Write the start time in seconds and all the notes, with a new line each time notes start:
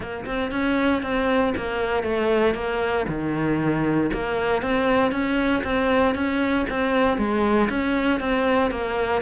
0.00 A#3
0.25 C4
0.51 C#4
1.02 C4
1.56 A#3
2.03 A3
2.54 A#3
3.08 D#3
4.13 A#3
4.62 C4
5.11 C#4
5.63 C4
6.14 C#4
6.69 C4
7.17 G#3
7.69 C#4
8.20 C4
8.70 A#3